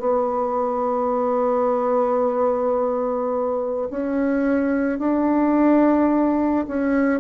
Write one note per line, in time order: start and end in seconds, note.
0.00 3.89 B3
3.91 4.99 C#4
4.99 6.66 D4
6.68 7.21 C#4